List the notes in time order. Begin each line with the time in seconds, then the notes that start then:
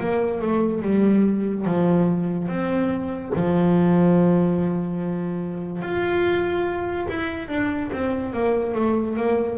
0.00 A#3
0.42 A3
0.82 G3
1.65 F3
2.48 C4
3.36 F3
5.82 F4
7.09 E4
7.48 D4
7.93 C4
8.33 A#3
8.75 A3
9.17 A#3